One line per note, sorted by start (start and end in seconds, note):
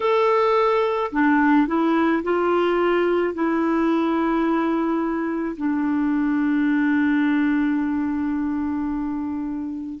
0.00 1.11 A4
1.12 1.67 D4
1.67 2.22 E4
2.23 3.33 F4
3.33 5.56 E4
5.56 10.00 D4